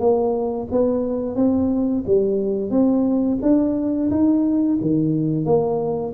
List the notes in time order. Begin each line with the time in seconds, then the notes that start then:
0.00 A#3
0.72 B3
1.36 C4
2.07 G3
2.71 C4
3.42 D4
4.11 D#4
4.82 D#3
5.45 A#3